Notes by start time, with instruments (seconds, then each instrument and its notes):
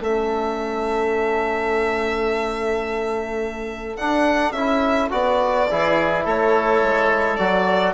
0.00 bassoon A3, trombone C#4, oboe A4, violin E5
3.96 trombone D4, bassoon D4, violin F#5
4.52 bassoon C#4, trombone E4, violin E5
5.10 bassoon B3, trombone F#4, violin D5
5.69 bassoon E3, trombone E4, oboe G#4
6.24 bassoon A3, oboe A4, violin C#5
6.82 bassoon G#3
7.36 bassoon F#3, trombone F#4, violin D5